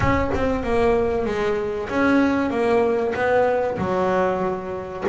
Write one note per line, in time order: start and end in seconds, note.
0.00 0.30 C#4
0.34 0.63 C4
0.63 1.25 A#3
1.25 1.88 G#3
1.89 2.50 C#4
2.50 3.13 A#3
3.14 3.77 B3
3.78 5.04 F#3